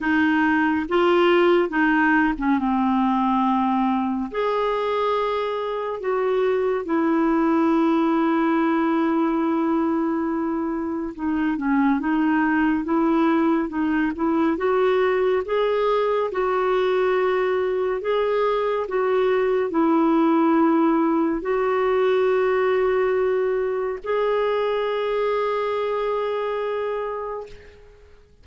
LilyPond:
\new Staff \with { instrumentName = "clarinet" } { \time 4/4 \tempo 4 = 70 dis'4 f'4 dis'8. cis'16 c'4~ | c'4 gis'2 fis'4 | e'1~ | e'4 dis'8 cis'8 dis'4 e'4 |
dis'8 e'8 fis'4 gis'4 fis'4~ | fis'4 gis'4 fis'4 e'4~ | e'4 fis'2. | gis'1 | }